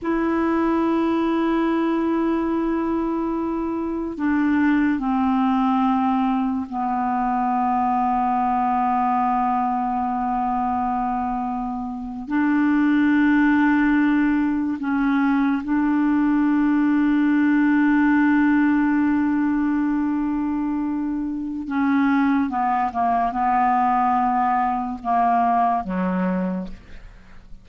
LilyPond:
\new Staff \with { instrumentName = "clarinet" } { \time 4/4 \tempo 4 = 72 e'1~ | e'4 d'4 c'2 | b1~ | b2~ b8. d'4~ d'16~ |
d'4.~ d'16 cis'4 d'4~ d'16~ | d'1~ | d'2 cis'4 b8 ais8 | b2 ais4 fis4 | }